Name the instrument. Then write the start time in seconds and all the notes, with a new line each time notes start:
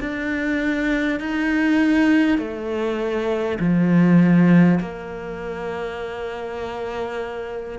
cello
0.00 D4
1.19 D#4
2.38 A3
3.59 F3
4.81 A#3